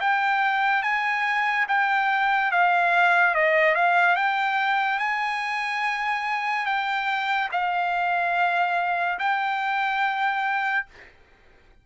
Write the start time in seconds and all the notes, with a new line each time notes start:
0.00 G5
0.82 G#5
1.68 G5
2.51 F5
3.34 D#5
3.75 F5
4.16 G5
4.98 G#5
6.65 G5
7.52 F5
9.19 G5